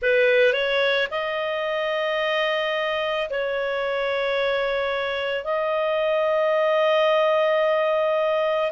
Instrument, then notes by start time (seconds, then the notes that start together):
clarinet
0.01 B4
0.53 C#5
1.11 D#5
3.30 C#5
5.44 D#5